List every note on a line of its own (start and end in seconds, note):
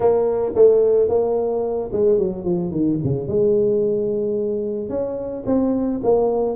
0.00 0.52 A#3
0.55 1.08 A3
1.08 1.90 A#3
1.92 2.18 G#3
2.18 2.44 F#3
2.44 2.71 F3
2.71 2.98 D#3
3.03 3.27 C#3
3.27 4.89 G#3
4.89 5.43 C#4
5.46 6.00 C4
6.03 6.56 A#3